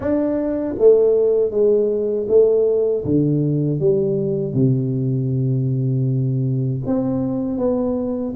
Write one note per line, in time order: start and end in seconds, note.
0.00 0.74 D4
0.78 1.50 A3
1.50 2.26 G#3
2.28 3.04 A3
3.04 3.79 D3
3.79 4.53 G3
4.53 6.81 C3
6.86 7.57 C4
7.57 8.33 B3